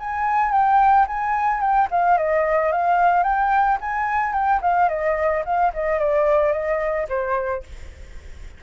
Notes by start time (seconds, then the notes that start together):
0.00 G#5
0.52 G5
1.08 G#5
1.61 G5
1.91 F5
2.18 D#5
2.72 F5
3.24 G5
3.81 G#5
4.33 G5
4.62 F5
4.89 D#5
5.45 F5
5.74 D#5
5.99 D5
6.53 D#5
7.09 C5